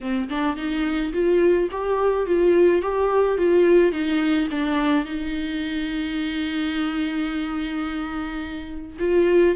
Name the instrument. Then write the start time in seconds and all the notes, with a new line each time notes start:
viola
0.01 C4
0.29 D4
0.56 D#4
1.12 F4
1.71 G4
2.26 F4
2.81 G4
3.37 F4
3.92 D#4
4.50 D4
5.05 D#4
8.99 F4